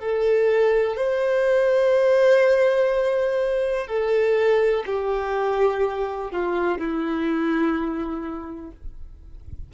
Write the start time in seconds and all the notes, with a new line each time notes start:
0.00 A4
0.97 C5
3.87 A4
4.87 G4
6.32 F4
6.78 E4